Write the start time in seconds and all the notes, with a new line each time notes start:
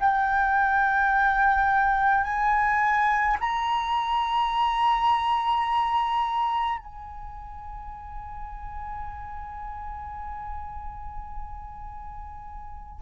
0.00 G5
2.24 G#5
3.41 A#5
6.79 G#5